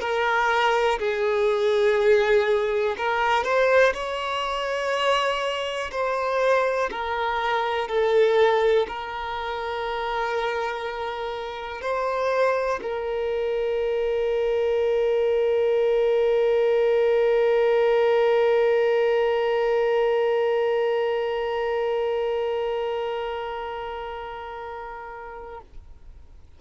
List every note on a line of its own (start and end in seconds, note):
0.00 0.98 A#4
0.99 2.96 G#4
2.97 3.44 A#4
3.44 3.93 C5
3.94 5.91 C#5
5.92 6.90 C5
6.91 7.88 A#4
7.88 8.87 A4
8.87 11.81 A#4
11.81 12.80 C5
12.82 25.61 A#4